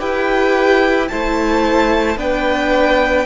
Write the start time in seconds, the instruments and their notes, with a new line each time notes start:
0.00 cello E4, viola G4, violin B4 G5
1.09 cello A3, viola E4, violin C5 A5
2.17 cello B3, viola D4, violin B4 G5